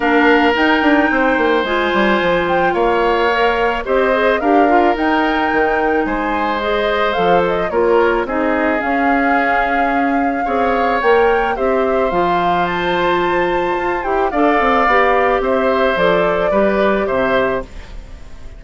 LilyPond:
<<
  \new Staff \with { instrumentName = "flute" } { \time 4/4 \tempo 4 = 109 f''4 g''2 gis''4~ | gis''8 g''8 f''2 dis''4 | f''4 g''2 gis''4 | dis''4 f''8 dis''8 cis''4 dis''4 |
f''1 | g''4 e''4 f''4 a''4~ | a''4. g''8 f''2 | e''4 d''2 e''4 | }
  \new Staff \with { instrumentName = "oboe" } { \time 4/4 ais'2 c''2~ | c''4 cis''2 c''4 | ais'2. c''4~ | c''2 ais'4 gis'4~ |
gis'2. cis''4~ | cis''4 c''2.~ | c''2 d''2 | c''2 b'4 c''4 | }
  \new Staff \with { instrumentName = "clarinet" } { \time 4/4 d'4 dis'2 f'4~ | f'2 ais'4 g'8 gis'8 | g'8 f'8 dis'2. | gis'4 a'4 f'4 dis'4 |
cis'2. gis'4 | ais'4 g'4 f'2~ | f'4. g'8 a'4 g'4~ | g'4 a'4 g'2 | }
  \new Staff \with { instrumentName = "bassoon" } { \time 4/4 ais4 dis'8 d'8 c'8 ais8 gis8 g8 | f4 ais2 c'4 | d'4 dis'4 dis4 gis4~ | gis4 f4 ais4 c'4 |
cis'2. c'4 | ais4 c'4 f2~ | f4 f'8 e'8 d'8 c'8 b4 | c'4 f4 g4 c4 | }
>>